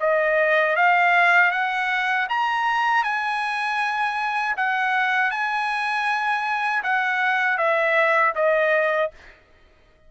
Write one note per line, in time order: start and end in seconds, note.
0.00 0.76 D#5
0.76 1.52 F5
1.52 2.28 F#5
2.30 3.04 A#5
3.04 4.56 G#5
4.57 5.31 F#5
5.31 6.83 G#5
6.83 7.58 F#5
7.58 8.34 E5
8.35 9.11 D#5